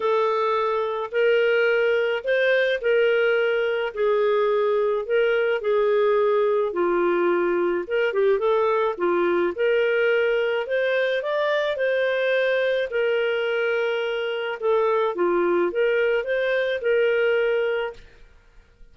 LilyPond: \new Staff \with { instrumentName = "clarinet" } { \time 4/4 \tempo 4 = 107 a'2 ais'2 | c''4 ais'2 gis'4~ | gis'4 ais'4 gis'2 | f'2 ais'8 g'8 a'4 |
f'4 ais'2 c''4 | d''4 c''2 ais'4~ | ais'2 a'4 f'4 | ais'4 c''4 ais'2 | }